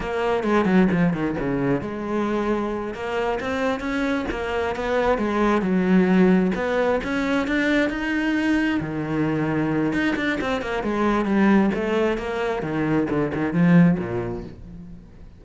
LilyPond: \new Staff \with { instrumentName = "cello" } { \time 4/4 \tempo 4 = 133 ais4 gis8 fis8 f8 dis8 cis4 | gis2~ gis8 ais4 c'8~ | c'8 cis'4 ais4 b4 gis8~ | gis8 fis2 b4 cis'8~ |
cis'8 d'4 dis'2 dis8~ | dis2 dis'8 d'8 c'8 ais8 | gis4 g4 a4 ais4 | dis4 d8 dis8 f4 ais,4 | }